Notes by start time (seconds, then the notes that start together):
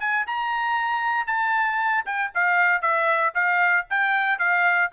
0.00 G#5
0.27 A#5
1.27 A5
2.05 G5
2.34 F5
2.82 E5
3.34 F5
3.90 G5
4.39 F5